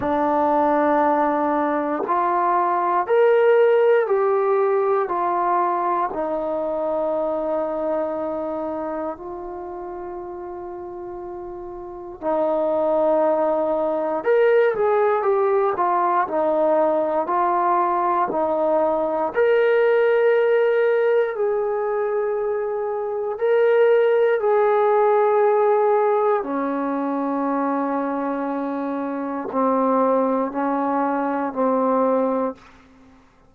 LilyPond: \new Staff \with { instrumentName = "trombone" } { \time 4/4 \tempo 4 = 59 d'2 f'4 ais'4 | g'4 f'4 dis'2~ | dis'4 f'2. | dis'2 ais'8 gis'8 g'8 f'8 |
dis'4 f'4 dis'4 ais'4~ | ais'4 gis'2 ais'4 | gis'2 cis'2~ | cis'4 c'4 cis'4 c'4 | }